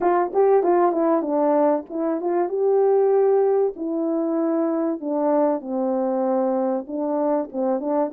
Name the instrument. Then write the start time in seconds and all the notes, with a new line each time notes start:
horn
0.00 F4
0.33 G4
0.63 F4
0.91 E4
1.22 D4
1.89 E4
2.20 F4
2.48 G4
3.76 E4
5.00 D4
5.60 C4
6.87 D4
7.51 C4
7.80 D4